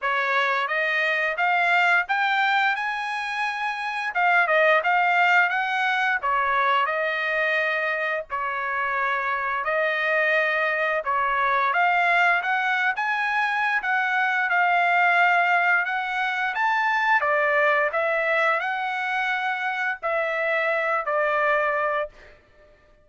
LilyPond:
\new Staff \with { instrumentName = "trumpet" } { \time 4/4 \tempo 4 = 87 cis''4 dis''4 f''4 g''4 | gis''2 f''8 dis''8 f''4 | fis''4 cis''4 dis''2 | cis''2 dis''2 |
cis''4 f''4 fis''8. gis''4~ gis''16 | fis''4 f''2 fis''4 | a''4 d''4 e''4 fis''4~ | fis''4 e''4. d''4. | }